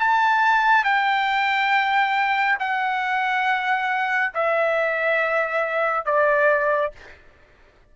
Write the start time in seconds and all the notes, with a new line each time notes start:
0.00 A5
0.85 G5
2.60 F#5
4.34 E5
6.06 D5